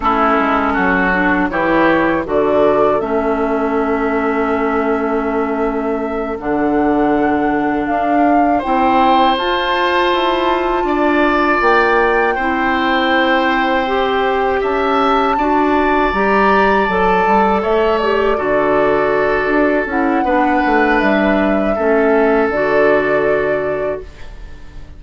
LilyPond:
<<
  \new Staff \with { instrumentName = "flute" } { \time 4/4 \tempo 4 = 80 a'2 cis''4 d''4 | e''1~ | e''8 fis''2 f''4 g''8~ | g''8 a''2. g''8~ |
g''2.~ g''8 a''8~ | a''4. ais''4 a''4 e''8 | d''2~ d''8 fis''4. | e''2 d''2 | }
  \new Staff \with { instrumentName = "oboe" } { \time 4/4 e'4 fis'4 g'4 a'4~ | a'1~ | a'2.~ a'8 c''8~ | c''2~ c''8 d''4.~ |
d''8 c''2. e''8~ | e''8 d''2. cis''8~ | cis''8 a'2~ a'8 b'4~ | b'4 a'2. | }
  \new Staff \with { instrumentName = "clarinet" } { \time 4/4 cis'4. d'8 e'4 fis'4 | cis'1~ | cis'8 d'2. e'8~ | e'8 f'2.~ f'8~ |
f'8 e'2 g'4.~ | g'8 fis'4 g'4 a'4. | g'8 fis'2 e'8 d'4~ | d'4 cis'4 fis'2 | }
  \new Staff \with { instrumentName = "bassoon" } { \time 4/4 a8 gis8 fis4 e4 d4 | a1~ | a8 d2 d'4 c'8~ | c'8 f'4 e'4 d'4 ais8~ |
ais8 c'2. cis'8~ | cis'8 d'4 g4 fis8 g8 a8~ | a8 d4. d'8 cis'8 b8 a8 | g4 a4 d2 | }
>>